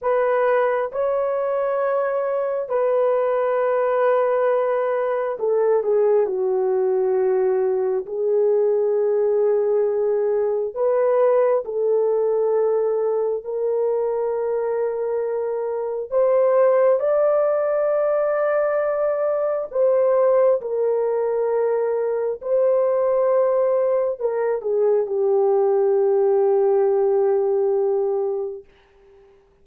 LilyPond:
\new Staff \with { instrumentName = "horn" } { \time 4/4 \tempo 4 = 67 b'4 cis''2 b'4~ | b'2 a'8 gis'8 fis'4~ | fis'4 gis'2. | b'4 a'2 ais'4~ |
ais'2 c''4 d''4~ | d''2 c''4 ais'4~ | ais'4 c''2 ais'8 gis'8 | g'1 | }